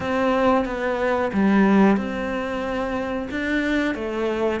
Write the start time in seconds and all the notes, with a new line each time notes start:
0.00 C4
0.65 B3
1.33 G3
1.96 C4
3.30 D4
3.94 A3